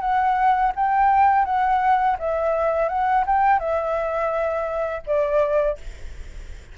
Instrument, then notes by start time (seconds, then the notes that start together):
flute
0.00 F#5
0.75 G5
1.45 F#5
2.18 E5
2.88 F#5
3.26 G5
3.59 E5
5.06 D5